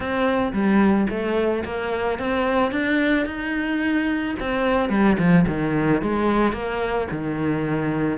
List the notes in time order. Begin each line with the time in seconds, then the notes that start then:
0.00 C4
0.52 G3
1.09 A3
1.64 A#3
2.18 C4
2.71 D4
3.26 D#4
4.39 C4
4.89 G3
5.18 F3
5.47 D#3
6.02 G#3
6.53 A#3
7.11 D#3